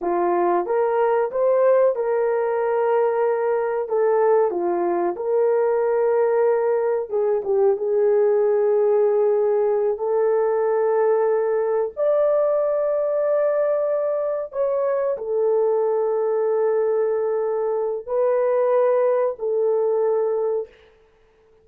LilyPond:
\new Staff \with { instrumentName = "horn" } { \time 4/4 \tempo 4 = 93 f'4 ais'4 c''4 ais'4~ | ais'2 a'4 f'4 | ais'2. gis'8 g'8 | gis'2.~ gis'8 a'8~ |
a'2~ a'8 d''4.~ | d''2~ d''8 cis''4 a'8~ | a'1 | b'2 a'2 | }